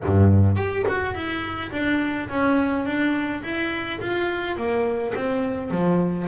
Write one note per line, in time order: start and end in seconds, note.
0.04 0.56 G2
0.56 0.84 G4
0.88 1.14 F#4
1.14 1.71 E4
1.71 2.28 D4
2.29 2.85 C#4
2.85 3.43 D4
3.43 4.00 E4
4.00 4.56 F4
4.56 5.13 A#3
5.15 5.70 C4
5.70 6.27 F3